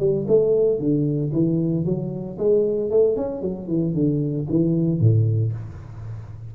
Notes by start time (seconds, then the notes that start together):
0.00 G3
0.28 A3
0.79 D3
1.33 E3
1.86 F#3
2.39 G#3
2.91 A3
3.17 C#4
3.42 F#3
3.68 E3
3.95 D3
4.50 E3
5.00 A2